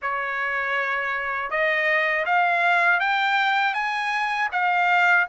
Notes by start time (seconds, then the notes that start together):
0.01 C#5
1.50 D#5
2.25 F5
3.00 G5
3.74 G#5
4.52 F5